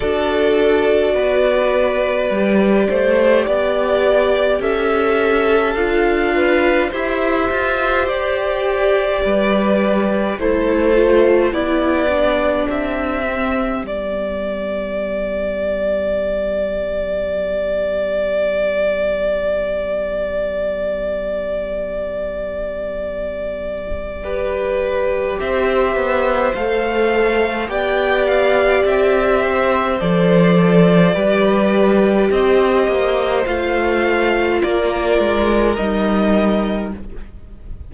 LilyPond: <<
  \new Staff \with { instrumentName = "violin" } { \time 4/4 \tempo 4 = 52 d''1 | e''4 f''4 e''4 d''4~ | d''4 c''4 d''4 e''4 | d''1~ |
d''1~ | d''2 e''4 f''4 | g''8 f''8 e''4 d''2 | dis''4 f''4 d''4 dis''4 | }
  \new Staff \with { instrumentName = "violin" } { \time 4/4 a'4 b'4. c''8 d''4 | a'4. b'8 c''2 | b'4 a'4 g'2~ | g'1~ |
g'1~ | g'4 b'4 c''2 | d''4. c''4. b'4 | c''2 ais'2 | }
  \new Staff \with { instrumentName = "viola" } { \time 4/4 fis'2 g'2~ | g'4 f'4 g'2~ | g'4 e'8 f'8 e'8 d'4 c'8 | b1~ |
b1~ | b4 g'2 a'4 | g'2 a'4 g'4~ | g'4 f'2 dis'4 | }
  \new Staff \with { instrumentName = "cello" } { \time 4/4 d'4 b4 g8 a8 b4 | cis'4 d'4 e'8 f'8 g'4 | g4 a4 b4 c'4 | g1~ |
g1~ | g2 c'8 b8 a4 | b4 c'4 f4 g4 | c'8 ais8 a4 ais8 gis8 g4 | }
>>